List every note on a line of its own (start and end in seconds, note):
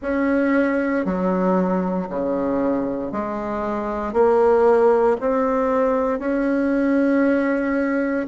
0.02 1.05 C#4
1.05 2.08 F#3
2.09 3.11 C#3
3.11 4.13 G#3
4.13 5.16 A#3
5.20 6.19 C4
6.19 8.26 C#4